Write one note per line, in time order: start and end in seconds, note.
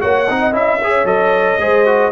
0.00 0.30 A#3
0.00 0.27 F#4
0.00 0.28 C#5
0.00 0.54 F#5
0.28 0.53 C4
0.28 0.52 D#4
0.28 0.81 D#5
0.52 1.04 C#4
0.52 0.79 E4
0.52 1.06 E5
0.82 1.06 G#4
0.82 1.61 C#5
1.04 1.57 F#3
1.04 1.59 A4
1.04 2.12 D#5
1.58 2.12 G#3
1.58 1.86 G#4
1.58 2.12 C5
1.86 2.12 F#4